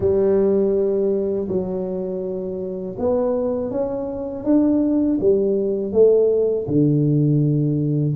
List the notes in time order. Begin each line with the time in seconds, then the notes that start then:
0.00 G3
1.48 F#3
2.98 B3
3.70 C#4
4.44 D4
5.20 G3
5.92 A3
6.67 D3